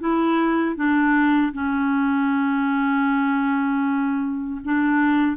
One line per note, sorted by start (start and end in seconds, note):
0.00 0.76 E4
0.76 1.53 D4
1.53 4.61 C#4
4.65 5.37 D4